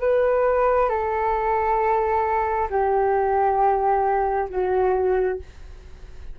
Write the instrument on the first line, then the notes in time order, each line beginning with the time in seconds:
flute
0.00 B4
0.89 A4
2.69 G4
4.49 F#4